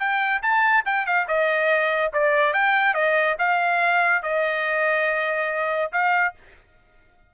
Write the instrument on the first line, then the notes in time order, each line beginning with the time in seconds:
trumpet
0.00 G5
0.43 A5
0.86 G5
1.07 F5
1.28 D#5
2.13 D5
2.54 G5
2.95 D#5
3.39 F5
4.23 D#5
5.93 F5